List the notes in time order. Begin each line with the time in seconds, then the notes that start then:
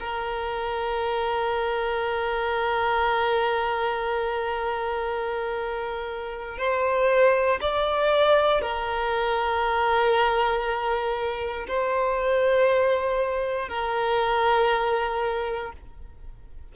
0.00 A#4
6.58 C5
7.61 D5
8.62 A#4
11.68 C5
13.69 A#4